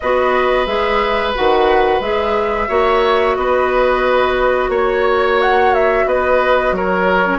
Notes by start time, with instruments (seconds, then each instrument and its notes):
0.00 bassoon B3, clarinet F#4, oboe B4, flute D#5
0.66 bassoon G#3, clarinet G#4, flute E5
1.34 bassoon D#3, clarinet F#4, flute F#5
2.00 bassoon G#3, clarinet G#4, flute E5
2.67 bassoon A#3, clarinet F#4, oboe C#5
3.36 bassoon B3, oboe B4, flute D#5
4.69 bassoon A#3, oboe C#5
4.75 flute C#5
5.41 flute F#5
5.74 flute E5
6.06 bassoon B3, oboe B4, flute D#5
6.71 bassoon F#3, oboe A#4, flute C#5
7.24 clarinet C#4